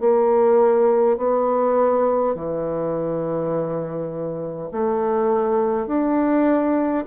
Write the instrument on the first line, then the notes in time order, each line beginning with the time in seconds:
bassoon
0.00 A#3
1.17 B3
2.35 E3
4.72 A3
5.87 D4